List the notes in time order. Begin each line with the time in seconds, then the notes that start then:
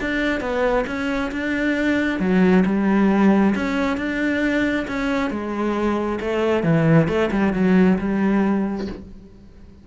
0.00 D4
0.40 B3
0.86 C#4
1.31 D4
2.19 F#3
2.65 G3
3.55 C#4
3.97 D4
4.87 C#4
5.30 G#3
6.20 A3
6.63 E3
7.07 A3
7.31 G3
7.53 F#3
7.98 G3